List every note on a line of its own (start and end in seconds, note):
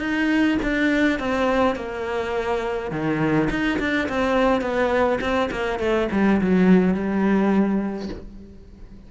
0.00 0.58 D#4
0.62 1.20 D4
1.20 1.76 C4
1.76 2.91 A#3
2.92 3.49 D#3
3.50 3.79 D#4
3.79 4.08 D4
4.09 4.62 C4
4.62 5.19 B3
5.21 5.50 C4
5.51 5.79 A#3
5.79 6.08 A3
6.12 6.41 G3
6.42 6.94 F#3
6.94 8.10 G3